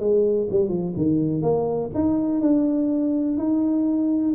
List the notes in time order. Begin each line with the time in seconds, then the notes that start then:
0.00 G#3
0.51 G3
0.70 F3
0.97 D#3
1.43 A#3
1.95 D#4
2.41 D4
3.38 D#4